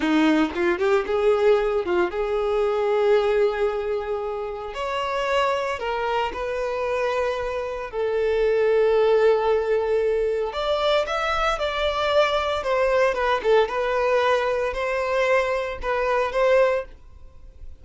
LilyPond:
\new Staff \with { instrumentName = "violin" } { \time 4/4 \tempo 4 = 114 dis'4 f'8 g'8 gis'4. f'8 | gis'1~ | gis'4 cis''2 ais'4 | b'2. a'4~ |
a'1 | d''4 e''4 d''2 | c''4 b'8 a'8 b'2 | c''2 b'4 c''4 | }